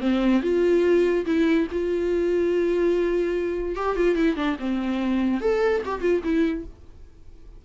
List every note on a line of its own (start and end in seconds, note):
0.00 0.41 C4
0.42 1.25 F4
1.25 1.67 E4
1.71 3.75 F4
3.75 3.96 G4
3.96 4.15 F4
4.15 4.36 E4
4.36 4.56 D4
4.59 5.40 C4
5.40 5.82 A4
5.85 6.01 G4
6.01 6.21 F4
6.23 6.64 E4